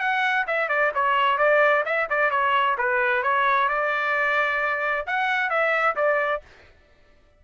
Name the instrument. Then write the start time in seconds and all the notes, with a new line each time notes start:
trumpet
0.00 F#5
0.47 E5
0.69 D5
0.95 C#5
1.38 D5
1.85 E5
2.10 D5
2.31 C#5
2.78 B4
3.23 C#5
3.69 D5
5.07 F#5
5.50 E5
5.96 D5